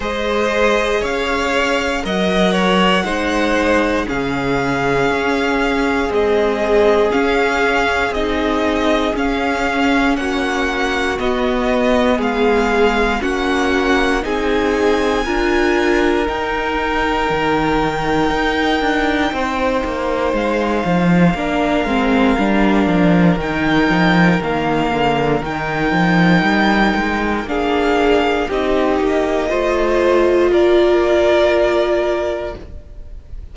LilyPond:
<<
  \new Staff \with { instrumentName = "violin" } { \time 4/4 \tempo 4 = 59 dis''4 f''4 fis''2 | f''2 dis''4 f''4 | dis''4 f''4 fis''4 dis''4 | f''4 fis''4 gis''2 |
g''1 | f''2. g''4 | f''4 g''2 f''4 | dis''2 d''2 | }
  \new Staff \with { instrumentName = "violin" } { \time 4/4 c''4 cis''4 dis''8 cis''8 c''4 | gis'1~ | gis'2 fis'2 | gis'4 fis'4 gis'4 ais'4~ |
ais'2. c''4~ | c''4 ais'2.~ | ais'2. gis'4 | g'4 c''4 ais'2 | }
  \new Staff \with { instrumentName = "viola" } { \time 4/4 gis'2 ais'4 dis'4 | cis'2 gis4 cis'4 | dis'4 cis'2 b4~ | b4 cis'4 dis'4 f'4 |
dis'1~ | dis'4 d'8 c'8 d'4 dis'4 | ais4 dis'2 d'4 | dis'4 f'2. | }
  \new Staff \with { instrumentName = "cello" } { \time 4/4 gis4 cis'4 fis4 gis4 | cis4 cis'4 c'4 cis'4 | c'4 cis'4 ais4 b4 | gis4 ais4 c'4 d'4 |
dis'4 dis4 dis'8 d'8 c'8 ais8 | gis8 f8 ais8 gis8 g8 f8 dis8 f8 | dis8 d8 dis8 f8 g8 gis8 ais4 | c'8 ais8 a4 ais2 | }
>>